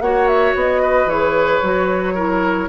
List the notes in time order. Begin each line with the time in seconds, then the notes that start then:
0.00 A#3 F#4 C#5 F#5
0.27 E5
0.55 B3 D#5
0.82 B4
1.06 E3 G#4 C#5
1.63 F#3 F#4
2.14 E4 A#4